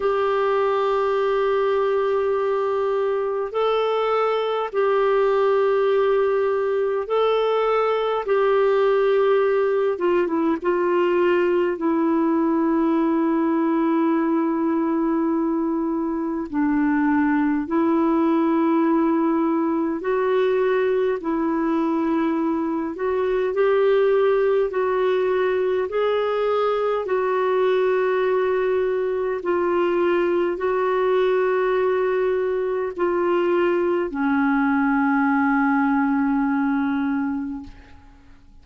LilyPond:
\new Staff \with { instrumentName = "clarinet" } { \time 4/4 \tempo 4 = 51 g'2. a'4 | g'2 a'4 g'4~ | g'8 f'16 e'16 f'4 e'2~ | e'2 d'4 e'4~ |
e'4 fis'4 e'4. fis'8 | g'4 fis'4 gis'4 fis'4~ | fis'4 f'4 fis'2 | f'4 cis'2. | }